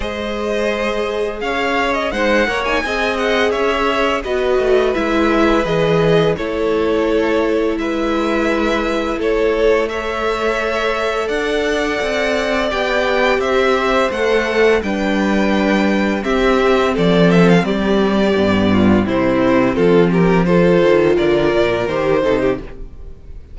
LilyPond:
<<
  \new Staff \with { instrumentName = "violin" } { \time 4/4 \tempo 4 = 85 dis''2 f''8. dis''16 fis''8. gis''16~ | gis''8 fis''8 e''4 dis''4 e''4 | dis''4 cis''2 e''4~ | e''4 cis''4 e''2 |
fis''2 g''4 e''4 | fis''4 g''2 e''4 | d''8 e''16 f''16 d''2 c''4 | a'8 ais'8 c''4 d''4 c''4 | }
  \new Staff \with { instrumentName = "violin" } { \time 4/4 c''2 cis''4 c''8 cis''8 | dis''4 cis''4 b'2~ | b'4 a'2 b'4~ | b'4 a'4 cis''2 |
d''2. c''4~ | c''4 b'2 g'4 | a'4 g'4. f'8 e'4 | f'8 g'8 a'4 ais'4. a'16 g'16 | }
  \new Staff \with { instrumentName = "viola" } { \time 4/4 gis'2. dis'8 ais'16 dis'16 | gis'2 fis'4 e'4 | gis'4 e'2.~ | e'2 a'2~ |
a'2 g'2 | a'4 d'2 c'4~ | c'2 b4 c'4~ | c'4 f'2 g'8 dis'8 | }
  \new Staff \with { instrumentName = "cello" } { \time 4/4 gis2 cis'4 gis8 ais8 | c'4 cis'4 b8 a8 gis4 | e4 a2 gis4~ | gis4 a2. |
d'4 c'4 b4 c'4 | a4 g2 c'4 | f4 g4 g,4 c4 | f4. dis8 d8 ais,8 dis8 c8 | }
>>